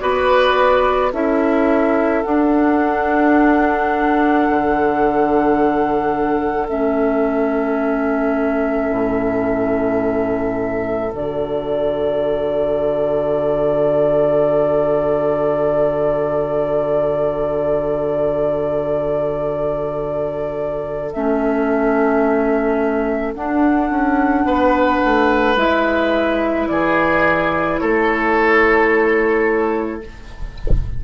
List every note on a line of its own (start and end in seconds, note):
0.00 1.12 B3
0.00 1.11 F#4
0.00 1.12 B4
0.00 1.11 D5
1.12 2.24 C#4
1.12 2.24 E4
1.12 24.45 A4
1.12 2.23 E5
2.23 6.69 D4
2.23 4.48 D4
2.23 6.67 F#5
4.49 6.69 D3
6.69 8.91 A3
6.69 11.10 C#4
6.69 11.13 E5
8.91 11.13 A2
11.10 21.13 D3
11.10 21.10 F#4
11.10 21.12 D5
21.12 23.35 A3
21.12 23.35 C#4
21.12 23.34 E5
23.34 25.57 D4
23.34 23.90 D4
23.34 25.57 F#5
23.90 24.45 C#4
24.45 25.00 B3
24.45 26.69 B4
25.04 25.56 A3
25.56 26.67 G#3
25.56 30.01 E4
25.56 26.68 E5
26.68 27.80 E3
26.68 27.81 G#4
26.68 27.78 D5
27.78 30.04 A3
27.78 30.03 A4
27.78 30.00 C#5